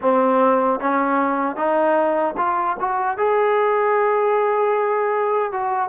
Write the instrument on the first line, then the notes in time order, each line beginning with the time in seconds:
trombone
0.01 C4
0.80 C#4
1.55 D#4
2.37 F4
2.80 F#4
3.17 G#4
5.52 F#4